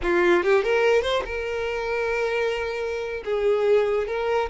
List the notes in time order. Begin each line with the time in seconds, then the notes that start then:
0.02 F4
0.43 G4
0.63 A#4
1.02 C5
1.25 A#4
3.25 G#4
4.07 A#4